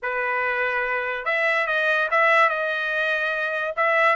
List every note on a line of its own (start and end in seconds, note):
0.02 1.25 B4
1.25 1.67 E5
1.67 2.08 D#5
2.10 2.49 E5
2.49 3.74 D#5
3.76 4.16 E5